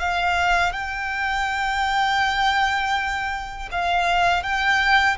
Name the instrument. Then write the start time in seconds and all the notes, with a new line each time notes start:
violin
0.00 F5
0.73 G5
3.72 F5
4.43 G5